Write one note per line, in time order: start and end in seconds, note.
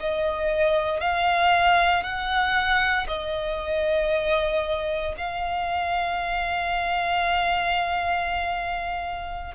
0.00 1.00 D#5
1.00 2.03 F5
2.03 3.07 F#5
3.08 5.14 D#5
5.17 9.55 F5